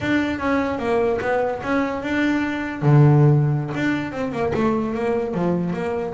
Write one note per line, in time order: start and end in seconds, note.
0.00 0.39 D4
0.39 0.79 C#4
0.79 1.19 A#3
1.21 1.61 B3
1.62 2.02 C#4
2.02 2.82 D4
2.82 3.72 D3
3.74 4.12 D4
4.12 4.32 C4
4.32 4.52 A#3
4.54 4.94 A3
4.94 5.34 A#3
5.34 5.73 F3
5.73 6.13 A#3